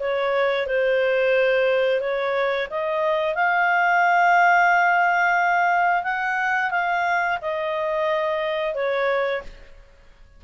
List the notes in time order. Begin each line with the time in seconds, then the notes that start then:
0.00 C#5
0.67 C5
2.01 C#5
2.71 D#5
3.36 F5
6.04 F#5
6.71 F5
7.42 D#5
8.75 C#5